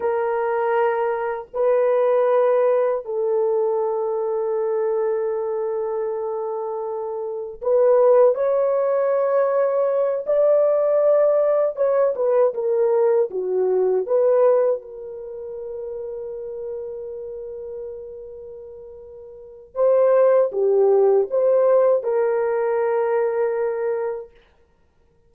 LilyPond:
\new Staff \with { instrumentName = "horn" } { \time 4/4 \tempo 4 = 79 ais'2 b'2 | a'1~ | a'2 b'4 cis''4~ | cis''4. d''2 cis''8 |
b'8 ais'4 fis'4 b'4 ais'8~ | ais'1~ | ais'2 c''4 g'4 | c''4 ais'2. | }